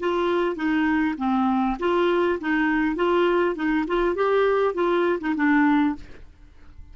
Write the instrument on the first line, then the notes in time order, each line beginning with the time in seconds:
clarinet
0.00 F4
0.56 D#4
1.18 C4
1.80 F4
2.41 D#4
2.96 F4
3.56 D#4
3.87 F4
4.16 G4
4.74 F4
5.20 D#4
5.36 D4